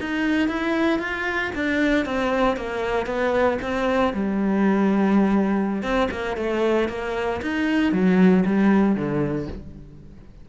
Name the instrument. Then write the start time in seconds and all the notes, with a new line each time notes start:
cello
0.00 D#4
0.48 E4
0.99 F4
1.55 D4
2.05 C4
2.56 A#3
3.06 B3
3.61 C4
4.13 G3
5.82 C4
6.10 A#3
6.36 A3
6.88 A#3
7.42 D#4
7.92 F#3
8.46 G3
8.95 D3